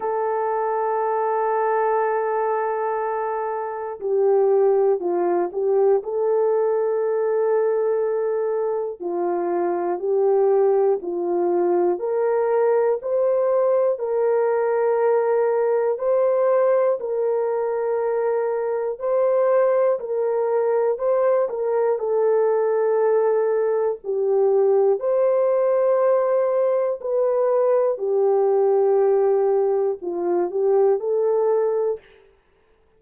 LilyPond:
\new Staff \with { instrumentName = "horn" } { \time 4/4 \tempo 4 = 60 a'1 | g'4 f'8 g'8 a'2~ | a'4 f'4 g'4 f'4 | ais'4 c''4 ais'2 |
c''4 ais'2 c''4 | ais'4 c''8 ais'8 a'2 | g'4 c''2 b'4 | g'2 f'8 g'8 a'4 | }